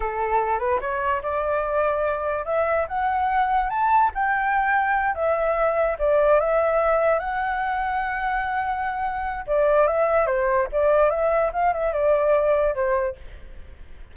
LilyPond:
\new Staff \with { instrumentName = "flute" } { \time 4/4 \tempo 4 = 146 a'4. b'8 cis''4 d''4~ | d''2 e''4 fis''4~ | fis''4 a''4 g''2~ | g''8 e''2 d''4 e''8~ |
e''4. fis''2~ fis''8~ | fis''2. d''4 | e''4 c''4 d''4 e''4 | f''8 e''8 d''2 c''4 | }